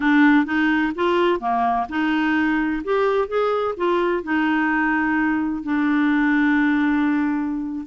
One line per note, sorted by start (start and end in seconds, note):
0.00 0.45 D4
0.45 0.92 D#4
0.95 1.39 F4
1.39 1.86 A#3
1.89 2.83 D#4
2.84 3.27 G4
3.27 3.74 G#4
3.76 4.23 F4
4.23 5.63 D#4
5.63 7.85 D4